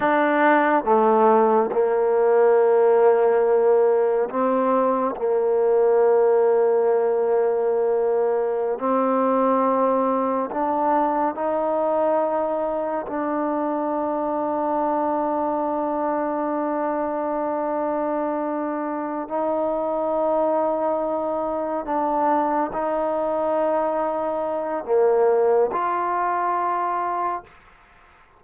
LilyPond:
\new Staff \with { instrumentName = "trombone" } { \time 4/4 \tempo 4 = 70 d'4 a4 ais2~ | ais4 c'4 ais2~ | ais2~ ais16 c'4.~ c'16~ | c'16 d'4 dis'2 d'8.~ |
d'1~ | d'2~ d'8 dis'4.~ | dis'4. d'4 dis'4.~ | dis'4 ais4 f'2 | }